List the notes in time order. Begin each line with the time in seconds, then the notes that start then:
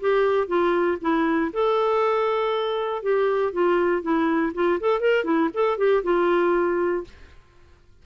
0.00 G4
0.47 F4
1.01 E4
1.53 A4
3.03 G4
3.52 F4
4.02 E4
4.54 F4
4.80 A4
5.00 A#4
5.24 E4
5.54 A4
5.78 G4
6.03 F4